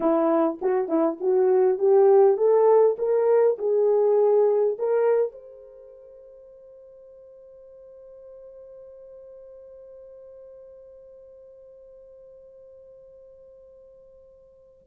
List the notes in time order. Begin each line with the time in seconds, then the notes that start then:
0.00 E4
0.61 F#4
0.88 E4
1.20 F#4
1.78 G4
2.37 A4
2.98 A#4
3.58 G#4
4.78 A#4
5.31 C5